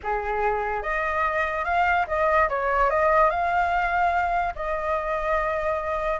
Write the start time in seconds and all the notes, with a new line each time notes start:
0.03 G#4
0.82 D#5
1.64 F5
2.07 D#5
2.49 C#5
2.90 D#5
3.30 F5
4.55 D#5